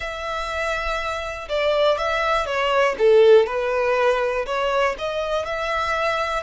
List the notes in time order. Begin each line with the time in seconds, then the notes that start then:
0.00 E5
1.49 D5
1.98 E5
2.45 C#5
2.98 A4
3.46 B4
4.46 C#5
4.98 D#5
5.45 E5